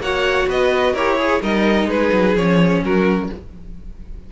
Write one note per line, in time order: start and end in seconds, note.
0.00 0.47 A#3
0.00 0.97 F#4
0.00 0.49 C#5
0.00 0.50 F#5
0.48 0.94 B3
0.48 0.93 B4
0.48 0.96 D#5
0.93 1.41 E4
0.93 1.18 G4
0.93 1.17 A#4
0.93 1.43 C#5
1.18 1.42 G#4
1.42 1.87 G3
1.42 2.36 D#4
1.42 1.89 A#4
1.42 1.90 D#5
1.87 2.10 G#3
1.87 2.83 G#4
1.87 2.37 B4
2.12 2.36 F#3
2.36 2.83 F3
2.36 3.33 C#4
2.36 2.84 C#5
2.83 3.30 F#3
2.83 3.31 F#4
2.83 3.32 A#4